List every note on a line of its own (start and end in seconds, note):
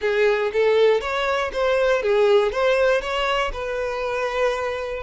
0.01 0.51 G#4
0.52 1.00 A4
1.00 1.51 C#5
1.52 2.02 C5
2.02 2.52 G#4
2.52 3.01 C5
3.01 3.51 C#5
3.52 5.03 B4